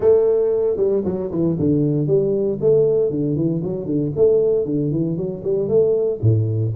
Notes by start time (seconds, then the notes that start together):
0.00 A3
0.76 G3
1.04 F#3
1.31 E3
1.59 D3
2.07 G3
2.61 A3
3.10 D3
3.36 E3
3.63 F#3
3.85 D3
4.15 A3
4.65 D3
4.91 E3
5.16 F#3
5.44 G3
5.68 A3
6.21 A2